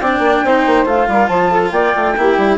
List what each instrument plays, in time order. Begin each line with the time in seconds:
0.00 bassoon C4, cello D4, saxophone D5, flute G5
0.19 bassoon A#3
0.43 bassoon C4, cello D#4, saxophone C5
0.66 bassoon A#3
0.84 bassoon A3, cello F4, flute F5
1.07 bassoon G3, saxophone A#4
1.27 bassoon F3, saxophone C5, flute A5
1.49 saxophone A4
1.71 bassoon A#3, saxophone D5, flute G5
1.95 bassoon A3
2.17 bassoon A#3, cello E4, saxophone G4
2.37 bassoon G3